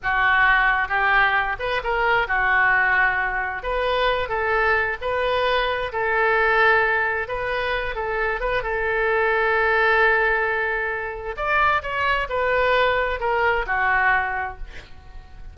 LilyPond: \new Staff \with { instrumentName = "oboe" } { \time 4/4 \tempo 4 = 132 fis'2 g'4. b'8 | ais'4 fis'2. | b'4. a'4. b'4~ | b'4 a'2. |
b'4. a'4 b'8 a'4~ | a'1~ | a'4 d''4 cis''4 b'4~ | b'4 ais'4 fis'2 | }